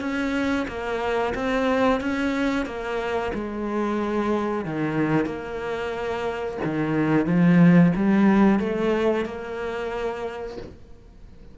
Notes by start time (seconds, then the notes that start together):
0.00 C#4
0.68 A#3
1.34 C4
2.00 C#4
2.66 A#3
3.34 G#3
4.65 D#3
5.26 A#3
6.64 D#3
7.26 F3
7.95 G3
8.59 A3
9.25 A#3